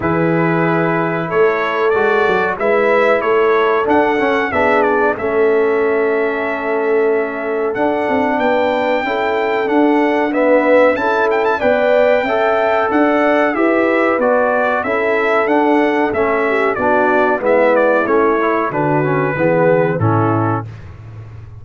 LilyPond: <<
  \new Staff \with { instrumentName = "trumpet" } { \time 4/4 \tempo 4 = 93 b'2 cis''4 d''4 | e''4 cis''4 fis''4 e''8 d''8 | e''1 | fis''4 g''2 fis''4 |
e''4 a''8 g''16 a''16 g''2 | fis''4 e''4 d''4 e''4 | fis''4 e''4 d''4 e''8 d''8 | cis''4 b'2 a'4 | }
  \new Staff \with { instrumentName = "horn" } { \time 4/4 gis'2 a'2 | b'4 a'2 gis'4 | a'1~ | a'4 b'4 a'2 |
b'4 a'4 d''4 e''4 | d''4 b'2 a'4~ | a'4. g'8 fis'4 e'4~ | e'4 fis'4 gis'4 e'4 | }
  \new Staff \with { instrumentName = "trombone" } { \time 4/4 e'2. fis'4 | e'2 d'8 cis'8 d'4 | cis'1 | d'2 e'4 d'4 |
b4 e'4 b'4 a'4~ | a'4 g'4 fis'4 e'4 | d'4 cis'4 d'4 b4 | cis'8 e'8 d'8 cis'8 b4 cis'4 | }
  \new Staff \with { instrumentName = "tuba" } { \time 4/4 e2 a4 gis8 fis8 | gis4 a4 d'8 cis'8 b4 | a1 | d'8 c'8 b4 cis'4 d'4~ |
d'4 cis'4 b4 cis'4 | d'4 e'4 b4 cis'4 | d'4 a4 b4 gis4 | a4 d4 e4 a,4 | }
>>